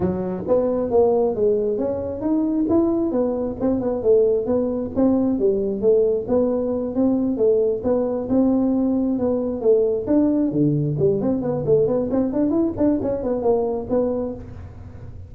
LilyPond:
\new Staff \with { instrumentName = "tuba" } { \time 4/4 \tempo 4 = 134 fis4 b4 ais4 gis4 | cis'4 dis'4 e'4 b4 | c'8 b8 a4 b4 c'4 | g4 a4 b4. c'8~ |
c'8 a4 b4 c'4.~ | c'8 b4 a4 d'4 d8~ | d8 g8 c'8 b8 a8 b8 c'8 d'8 | e'8 d'8 cis'8 b8 ais4 b4 | }